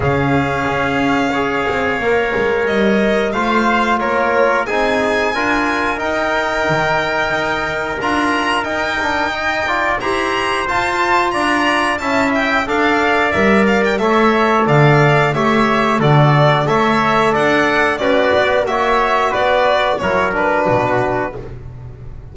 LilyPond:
<<
  \new Staff \with { instrumentName = "violin" } { \time 4/4 \tempo 4 = 90 f''1 | dis''4 f''4 cis''4 gis''4~ | gis''4 g''2. | ais''4 g''2 ais''4 |
a''4 ais''4 a''8 g''8 f''4 | e''8 f''16 g''16 e''4 f''4 e''4 | d''4 e''4 fis''4 d''4 | e''4 d''4 cis''8 b'4. | }
  \new Staff \with { instrumentName = "trumpet" } { \time 4/4 gis'2 cis''2~ | cis''4 c''4 ais'4 gis'4 | ais'1~ | ais'2 dis''8 d''8 c''4~ |
c''4 d''4 e''4 d''4~ | d''4 cis''4 d''4 cis''4 | a'4 cis''4 d''4 fis'4 | cis''4 b'4 ais'4 fis'4 | }
  \new Staff \with { instrumentName = "trombone" } { \time 4/4 cis'2 gis'4 ais'4~ | ais'4 f'2 dis'4 | f'4 dis'2. | f'4 dis'8 d'8 dis'8 f'8 g'4 |
f'2 e'4 a'4 | ais'4 a'2 g'4 | fis'4 a'2 b'4 | fis'2 e'8 d'4. | }
  \new Staff \with { instrumentName = "double bass" } { \time 4/4 cis4 cis'4. c'8 ais8 gis8 | g4 a4 ais4 c'4 | d'4 dis'4 dis4 dis'4 | d'4 dis'2 e'4 |
f'4 d'4 cis'4 d'4 | g4 a4 d4 a4 | d4 a4 d'4 cis'8 b8 | ais4 b4 fis4 b,4 | }
>>